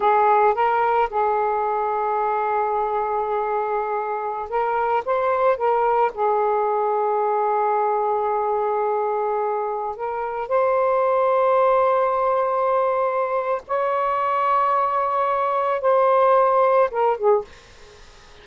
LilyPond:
\new Staff \with { instrumentName = "saxophone" } { \time 4/4 \tempo 4 = 110 gis'4 ais'4 gis'2~ | gis'1~ | gis'16 ais'4 c''4 ais'4 gis'8.~ | gis'1~ |
gis'2~ gis'16 ais'4 c''8.~ | c''1~ | c''4 cis''2.~ | cis''4 c''2 ais'8 gis'8 | }